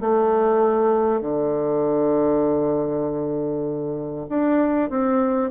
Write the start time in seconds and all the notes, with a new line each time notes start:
0.00 A3
1.21 D3
4.29 D4
4.90 C4